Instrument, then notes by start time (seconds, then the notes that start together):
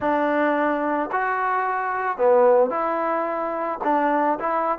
trombone
0.00 D4
1.12 F#4
2.17 B3
2.70 E4
3.84 D4
4.39 E4